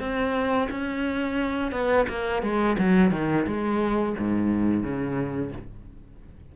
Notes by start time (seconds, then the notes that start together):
0.00 C4
0.71 C#4
1.72 B3
2.09 A#3
2.43 G#3
2.79 F#3
3.12 D#3
3.47 G#3
4.18 G#2
4.83 C#3